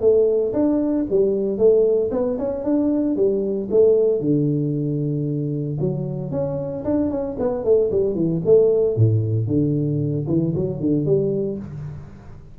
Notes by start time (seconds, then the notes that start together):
0.00 A3
0.53 D4
1.10 G3
1.58 A3
2.11 B3
2.38 C#4
2.64 D4
3.16 G3
3.70 A3
4.20 D3
5.80 F#3
6.31 C#4
6.84 D4
7.10 C#4
7.39 B3
7.64 A3
7.91 G3
8.15 E3
8.45 A3
8.96 A2
9.47 D3
10.27 E3
10.55 F#3
10.80 D3
11.06 G3